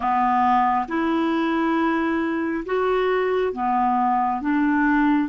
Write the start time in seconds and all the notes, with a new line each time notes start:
0.00 B3
0.88 E4
2.65 F#4
3.53 B3
4.41 D4